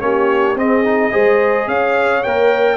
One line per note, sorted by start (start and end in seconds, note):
0.00 0.55 A#3
0.00 0.56 C#4
0.00 0.58 G4
0.00 0.56 C#5
0.55 1.11 C4
0.55 0.84 C4
0.55 1.12 G#4
0.55 1.68 D#5
0.84 1.11 D#4
1.11 1.67 G#3
1.11 2.22 G#4
1.11 1.67 C5
1.67 2.23 C#4
1.67 2.77 C#5
1.67 2.23 F5
2.23 2.77 A#3
2.23 2.77 A#4
2.23 2.77 G5